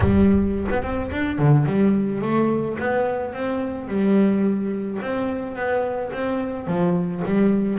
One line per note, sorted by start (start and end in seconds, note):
0.00 0.67 G3
0.70 0.82 B3
0.82 1.10 C4
1.11 1.38 D4
1.38 1.66 D3
1.66 2.21 G3
2.21 2.77 A3
2.79 3.33 B3
3.33 3.88 C4
3.88 4.99 G3
5.02 5.55 C4
5.55 6.11 B3
6.12 6.67 C4
6.67 7.22 F3
7.25 7.78 G3